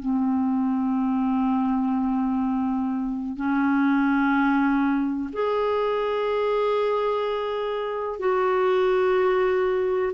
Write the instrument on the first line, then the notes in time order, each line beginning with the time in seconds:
clarinet
0.00 C4
3.37 C#4
5.33 G#4
8.20 F#4